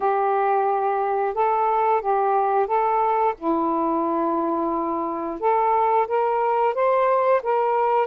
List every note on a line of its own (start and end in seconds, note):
0.00 1.34 G4
1.34 2.01 A4
2.01 2.66 G4
2.66 3.34 A4
3.37 5.39 E4
5.39 6.07 A4
6.07 6.74 A#4
6.74 7.41 C5
7.42 8.07 A#4